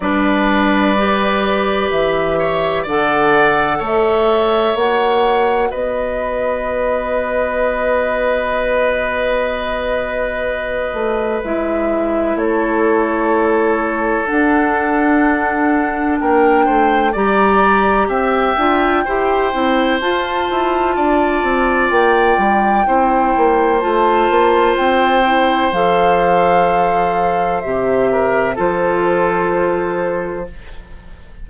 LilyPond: <<
  \new Staff \with { instrumentName = "flute" } { \time 4/4 \tempo 4 = 63 d''2 e''4 fis''4 | e''4 fis''4 dis''2~ | dis''1 | e''4 cis''2 fis''4~ |
fis''4 g''4 ais''4 g''4~ | g''4 a''2 g''4~ | g''4 a''4 g''4 f''4~ | f''4 e''4 c''2 | }
  \new Staff \with { instrumentName = "oboe" } { \time 4/4 b'2~ b'8 cis''8 d''4 | cis''2 b'2~ | b'1~ | b'4 a'2.~ |
a'4 ais'8 c''8 d''4 e''4 | c''2 d''2 | c''1~ | c''4. ais'8 a'2 | }
  \new Staff \with { instrumentName = "clarinet" } { \time 4/4 d'4 g'2 a'4~ | a'4 fis'2.~ | fis'1 | e'2. d'4~ |
d'2 g'4. f'8 | g'8 e'8 f'2. | e'4 f'4. e'8 a'4~ | a'4 g'4 f'2 | }
  \new Staff \with { instrumentName = "bassoon" } { \time 4/4 g2 e4 d4 | a4 ais4 b2~ | b2.~ b8 a8 | gis4 a2 d'4~ |
d'4 ais8 a8 g4 c'8 d'8 | e'8 c'8 f'8 e'8 d'8 c'8 ais8 g8 | c'8 ais8 a8 ais8 c'4 f4~ | f4 c4 f2 | }
>>